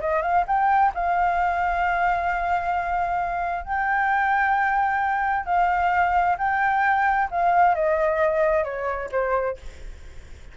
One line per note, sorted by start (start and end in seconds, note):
0.00 0.22 D#5
0.22 0.44 F5
0.47 0.92 G5
0.94 3.64 F5
3.64 5.45 G5
5.45 6.36 F5
6.38 7.29 G5
7.30 7.75 F5
7.75 8.64 D#5
8.64 9.09 C#5
9.11 9.57 C5